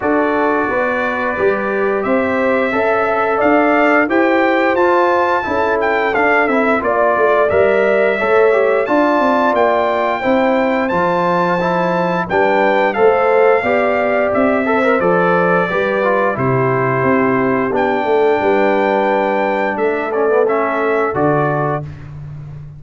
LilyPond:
<<
  \new Staff \with { instrumentName = "trumpet" } { \time 4/4 \tempo 4 = 88 d''2. e''4~ | e''4 f''4 g''4 a''4~ | a''8 g''8 f''8 e''8 d''4 e''4~ | e''4 a''4 g''2 |
a''2 g''4 f''4~ | f''4 e''4 d''2 | c''2 g''2~ | g''4 e''8 d''8 e''4 d''4 | }
  \new Staff \with { instrumentName = "horn" } { \time 4/4 a'4 b'2 c''4 | e''4 d''4 c''2 | a'2 d''2 | cis''4 d''2 c''4~ |
c''2 b'4 c''4 | d''4. c''4. b'4 | g'2~ g'8 a'8 b'4~ | b'4 a'2. | }
  \new Staff \with { instrumentName = "trombone" } { \time 4/4 fis'2 g'2 | a'2 g'4 f'4 | e'4 d'8 e'8 f'4 ais'4 | a'8 g'8 f'2 e'4 |
f'4 e'4 d'4 a'4 | g'4. a'16 ais'16 a'4 g'8 f'8 | e'2 d'2~ | d'4. cis'16 b16 cis'4 fis'4 | }
  \new Staff \with { instrumentName = "tuba" } { \time 4/4 d'4 b4 g4 c'4 | cis'4 d'4 e'4 f'4 | cis'4 d'8 c'8 ais8 a8 g4 | a4 d'8 c'8 ais4 c'4 |
f2 g4 a4 | b4 c'4 f4 g4 | c4 c'4 b8 a8 g4~ | g4 a2 d4 | }
>>